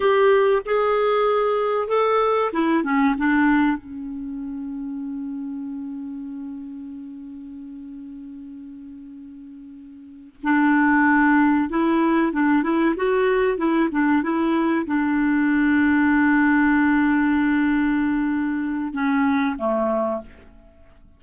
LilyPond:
\new Staff \with { instrumentName = "clarinet" } { \time 4/4 \tempo 4 = 95 g'4 gis'2 a'4 | e'8 cis'8 d'4 cis'2~ | cis'1~ | cis'1~ |
cis'8 d'2 e'4 d'8 | e'8 fis'4 e'8 d'8 e'4 d'8~ | d'1~ | d'2 cis'4 a4 | }